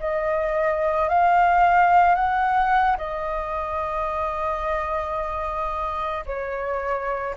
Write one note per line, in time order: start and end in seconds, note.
0.00 1.09 D#5
1.09 2.15 F5
2.15 2.97 F#5
2.98 6.25 D#5
6.26 7.35 C#5